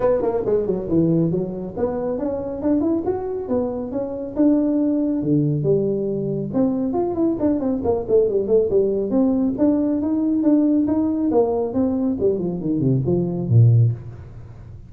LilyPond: \new Staff \with { instrumentName = "tuba" } { \time 4/4 \tempo 4 = 138 b8 ais8 gis8 fis8 e4 fis4 | b4 cis'4 d'8 e'8 fis'4 | b4 cis'4 d'2 | d4 g2 c'4 |
f'8 e'8 d'8 c'8 ais8 a8 g8 a8 | g4 c'4 d'4 dis'4 | d'4 dis'4 ais4 c'4 | g8 f8 dis8 c8 f4 ais,4 | }